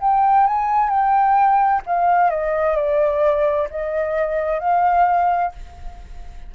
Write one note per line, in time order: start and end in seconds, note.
0.00 0.46 G5
0.47 0.89 G#5
0.89 1.81 G5
1.86 2.30 F5
2.30 2.76 D#5
2.76 3.68 D5
3.70 4.59 D#5
4.59 5.51 F5